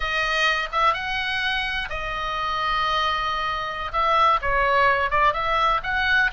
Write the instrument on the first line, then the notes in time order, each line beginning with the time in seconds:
oboe
0.00 D#5
0.72 E5
0.93 F#5
1.89 D#5
3.92 E5
4.41 C#5
5.10 D5
5.33 E5
5.83 F#5